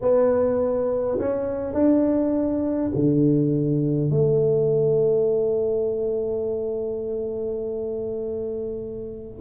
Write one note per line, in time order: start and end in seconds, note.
0.01 1.18 B3
1.19 1.73 C#4
1.73 2.91 D4
2.94 4.10 D3
4.10 9.40 A3